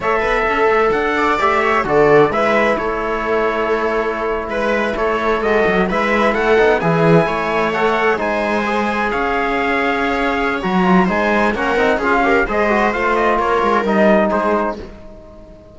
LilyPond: <<
  \new Staff \with { instrumentName = "trumpet" } { \time 4/4 \tempo 4 = 130 e''2 fis''4 e''4 | d''4 e''4 cis''2~ | cis''4.~ cis''16 b'4 cis''4 dis''16~ | dis''8. e''4 fis''4 gis''4~ gis''16~ |
gis''8. fis''4 gis''2 f''16~ | f''2. ais''4 | gis''4 fis''4 f''4 dis''4 | f''8 dis''8 cis''4 dis''4 c''4 | }
  \new Staff \with { instrumentName = "viola" } { \time 4/4 cis''8 b'8 a'4. d''4 cis''8 | a'4 b'4 a'2~ | a'4.~ a'16 b'4 a'4~ a'16~ | a'8. b'4 a'4 gis'4 cis''16~ |
cis''4.~ cis''16 c''2 cis''16~ | cis''1 | c''4 ais'4 gis'8 ais'8 c''4~ | c''4 ais'2 gis'4 | }
  \new Staff \with { instrumentName = "trombone" } { \time 4/4 a'2. g'4 | fis'4 e'2.~ | e'2.~ e'8. fis'16~ | fis'8. e'4. dis'8 e'4~ e'16~ |
e'8. a'4 dis'4 gis'4~ gis'16~ | gis'2. fis'8 f'8 | dis'4 cis'8 dis'8 f'8 g'8 gis'8 fis'8 | f'2 dis'2 | }
  \new Staff \with { instrumentName = "cello" } { \time 4/4 a8 b8 cis'8 a8 d'4 a4 | d4 gis4 a2~ | a4.~ a16 gis4 a4 gis16~ | gis16 fis8 gis4 a8 b8 e4 a16~ |
a4.~ a16 gis2 cis'16~ | cis'2. fis4 | gis4 ais8 c'8 cis'4 gis4 | a4 ais8 gis8 g4 gis4 | }
>>